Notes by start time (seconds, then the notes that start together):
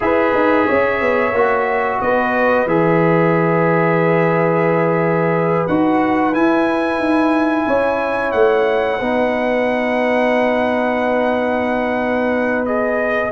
0.00 E4 G#4 B4 E5
0.34 D#4
0.66 C#4 C#5
1.01 B3
1.32 A#3 F#4
2.01 B3 B4 D#5
2.66 E3 G#4 E5
5.67 D#4 F#4 F#5
6.33 E4 G#5
6.98 D#4
7.67 C#4 C#5
8.31 A3 F#5
8.98 B3 D#4 B4
12.65 G#4 D#5